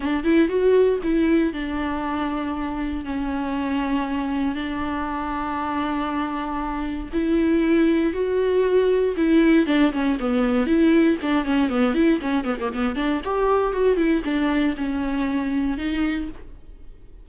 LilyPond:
\new Staff \with { instrumentName = "viola" } { \time 4/4 \tempo 4 = 118 d'8 e'8 fis'4 e'4 d'4~ | d'2 cis'2~ | cis'4 d'2.~ | d'2 e'2 |
fis'2 e'4 d'8 cis'8 | b4 e'4 d'8 cis'8 b8 e'8 | cis'8 b16 ais16 b8 d'8 g'4 fis'8 e'8 | d'4 cis'2 dis'4 | }